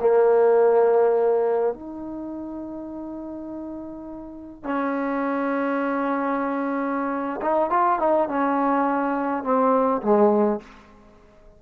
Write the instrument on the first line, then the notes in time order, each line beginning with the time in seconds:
trombone
0.00 A#3
1.74 D#4
4.64 C#4
7.42 D#4
7.70 F4
7.99 D#4
8.29 C#4
9.43 C4
10.02 G#3